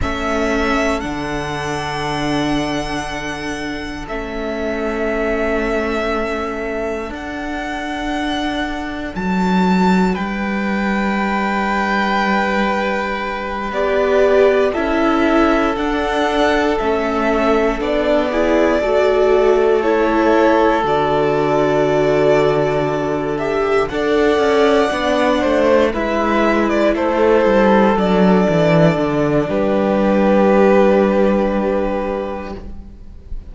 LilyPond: <<
  \new Staff \with { instrumentName = "violin" } { \time 4/4 \tempo 4 = 59 e''4 fis''2. | e''2. fis''4~ | fis''4 a''4 g''2~ | g''4. d''4 e''4 fis''8~ |
fis''8 e''4 d''2 cis''8~ | cis''8 d''2~ d''8 e''8 fis''8~ | fis''4. e''8. d''16 c''4 d''8~ | d''4 b'2. | }
  \new Staff \with { instrumentName = "violin" } { \time 4/4 a'1~ | a'1~ | a'2 b'2~ | b'2~ b'8 a'4.~ |
a'2 gis'8 a'4.~ | a'2.~ a'8 d''8~ | d''4 c''8 b'4 a'4.~ | a'4 g'2. | }
  \new Staff \with { instrumentName = "viola" } { \time 4/4 cis'4 d'2. | cis'2. d'4~ | d'1~ | d'4. g'4 e'4 d'8~ |
d'8 cis'4 d'8 e'8 fis'4 e'8~ | e'8 fis'2~ fis'8 g'8 a'8~ | a'8 d'4 e'2 d'8~ | d'1 | }
  \new Staff \with { instrumentName = "cello" } { \time 4/4 a4 d2. | a2. d'4~ | d'4 fis4 g2~ | g4. b4 cis'4 d'8~ |
d'8 a4 b4 a4.~ | a8 d2. d'8 | cis'8 b8 a8 gis4 a8 g8 fis8 | e8 d8 g2. | }
>>